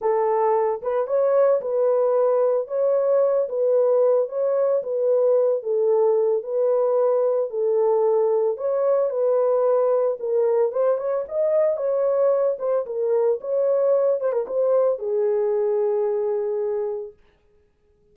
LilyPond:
\new Staff \with { instrumentName = "horn" } { \time 4/4 \tempo 4 = 112 a'4. b'8 cis''4 b'4~ | b'4 cis''4. b'4. | cis''4 b'4. a'4. | b'2 a'2 |
cis''4 b'2 ais'4 | c''8 cis''8 dis''4 cis''4. c''8 | ais'4 cis''4. c''16 ais'16 c''4 | gis'1 | }